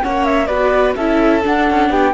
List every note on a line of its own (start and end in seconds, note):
0.00 0.49 A#3
0.00 0.47 C#4
0.00 0.47 C#5
0.00 0.24 F#5
0.24 0.46 E5
0.46 0.96 B3
0.46 0.96 F#4
0.46 0.94 B4
0.46 0.93 D5
0.95 1.44 C#4
0.95 1.42 E4
0.95 1.90 A4
0.95 1.43 E5
1.42 2.13 D4
1.42 1.70 D4
1.42 1.92 F#5
1.70 1.90 C#4
1.90 2.13 B3
1.90 2.14 G4
1.90 2.14 G5